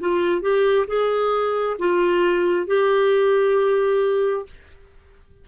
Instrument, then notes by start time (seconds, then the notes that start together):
clarinet
0.00 F4
0.42 G4
0.88 G#4
1.79 F4
2.67 G4